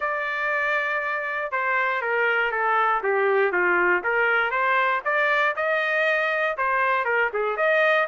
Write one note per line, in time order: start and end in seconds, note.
0.00 1.51 D5
1.51 2.01 C5
2.01 2.51 A#4
2.51 3.02 A4
3.03 3.52 G4
3.52 4.02 F4
4.03 4.50 A#4
4.50 5.01 C5
5.04 5.55 D5
5.56 6.57 D#5
6.57 7.05 C5
7.05 7.30 A#4
7.33 7.56 G#4
7.56 8.07 D#5